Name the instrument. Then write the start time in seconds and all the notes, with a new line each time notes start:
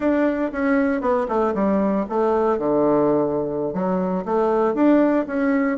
bassoon
0.00 D4
0.52 C#4
1.01 B3
1.28 A3
1.54 G3
2.09 A3
2.58 D3
3.73 F#3
4.25 A3
4.74 D4
5.26 C#4